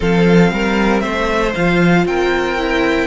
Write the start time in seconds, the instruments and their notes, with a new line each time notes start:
0.00 cello F3, viola C4, violin A4 F5
0.52 cello G3, violin A#4
0.99 cello A3, violin C5 E5
1.55 cello F3, viola F4, violin F5
2.05 cello C4, violin A#4 G5
2.58 viola E4